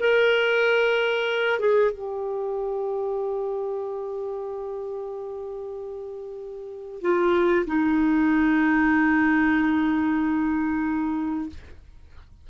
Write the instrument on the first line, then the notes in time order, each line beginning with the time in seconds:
clarinet
0.00 A#4
1.60 G#4
1.92 G4
7.02 F4
7.67 D#4